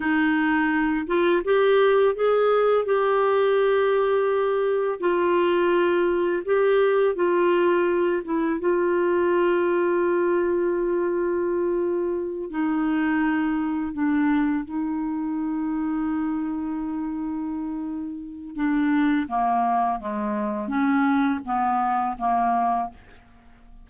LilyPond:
\new Staff \with { instrumentName = "clarinet" } { \time 4/4 \tempo 4 = 84 dis'4. f'8 g'4 gis'4 | g'2. f'4~ | f'4 g'4 f'4. e'8 | f'1~ |
f'4. dis'2 d'8~ | d'8 dis'2.~ dis'8~ | dis'2 d'4 ais4 | gis4 cis'4 b4 ais4 | }